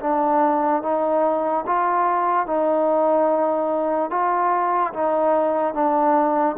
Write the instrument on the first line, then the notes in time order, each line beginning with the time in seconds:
trombone
0.00 D4
0.82 D#4
1.66 F4
2.46 D#4
4.10 F4
4.93 D#4
5.73 D4